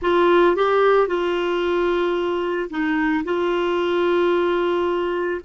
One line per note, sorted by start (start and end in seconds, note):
0.02 0.56 F4
0.56 1.07 G4
1.07 2.69 F4
2.70 3.24 D#4
3.24 5.40 F4